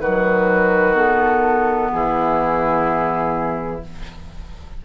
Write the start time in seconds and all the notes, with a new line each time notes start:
0.00 D#3 F#3 F#4 B4
0.95 B3 A4
1.92 E3 E4 G#4